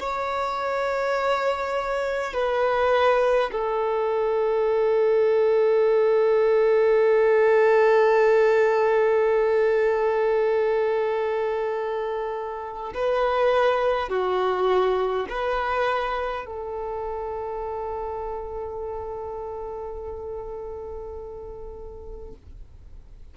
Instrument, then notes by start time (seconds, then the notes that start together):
violin
0.00 C#5
2.34 B4
3.52 A4
12.95 B4
14.09 F#4
15.29 B4
16.46 A4